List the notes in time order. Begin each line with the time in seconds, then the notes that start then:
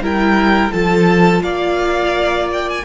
0.00 G3 E4 A#4 G5
0.72 F3 F4 A4 A5
1.41 A#3 D5 F5
2.52 G5
2.69 G#5